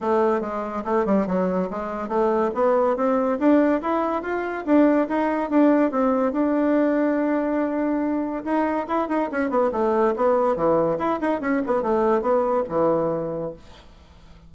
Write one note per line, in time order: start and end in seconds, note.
0.00 0.41 A3
0.41 0.83 G#3
0.84 1.05 A3
1.05 1.26 G3
1.26 1.69 F#3
1.70 2.08 G#3
2.08 2.50 A3
2.54 2.96 B3
2.96 3.38 C4
3.39 3.81 D4
3.81 4.22 E4
4.22 4.64 F4
4.65 5.07 D4
5.08 5.50 D#4
5.50 5.91 D4
5.91 6.32 C4
6.32 8.43 D4
8.44 8.86 D#4
8.87 9.08 E4
9.08 9.29 D#4
9.31 9.50 C#4
9.50 9.71 B3
9.72 10.14 A3
10.15 10.56 B3
10.56 10.98 E3
10.98 11.19 E4
11.20 11.40 D#4
11.40 11.62 C#4
11.66 11.82 B3
11.82 12.21 A3
12.21 12.63 B3
12.69 13.53 E3